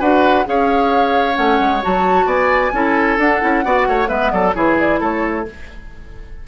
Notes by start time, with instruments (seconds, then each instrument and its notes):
0.00 bassoon D4, clarinet F#4, oboe B4, flute F#5
0.45 bassoon C#4, clarinet G#4, oboe C#5, flute F5
1.34 bassoon A3, clarinet C#4, flute F#5
1.60 bassoon G#3
1.82 bassoon F#3, clarinet F#4, flute A5
2.26 bassoon B3, oboe D5, flute G#5
2.73 bassoon C#4, clarinet E4, oboe A4
3.18 bassoon D4, clarinet D4, flute F#5
3.41 bassoon C#4, clarinet E4
3.64 bassoon B3, clarinet F#4, oboe D5
3.88 bassoon A3, oboe C#5
4.06 bassoon G#3, clarinet B3, oboe B4, flute E5
4.31 bassoon F#3, oboe A4, flute D5
4.54 bassoon E3, clarinet E4, oboe G#4, flute C#5
4.79 flute D5
5.00 bassoon A3, oboe A4, flute C#5